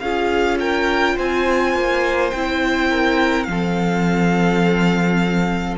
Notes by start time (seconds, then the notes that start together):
0.00 C#4 F4 G#4 F5
0.60 A#4 G5
1.15 C4 C5 G#5
1.75 A#3
2.31 C4 E4 G5
2.90 A#4
3.44 F3 C4 F5
3.50 A4